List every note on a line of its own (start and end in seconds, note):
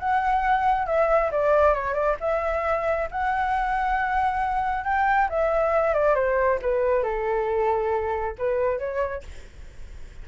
0.00 0.87 F#5
0.87 1.31 E5
1.32 1.74 D5
1.74 1.94 C#5
1.94 2.16 D5
2.21 3.09 E5
3.11 4.84 F#5
4.84 5.29 G5
5.30 5.94 E5
5.94 6.16 D5
6.16 6.60 C5
6.62 7.03 B4
7.03 8.36 A4
8.39 8.79 B4
8.79 9.23 C#5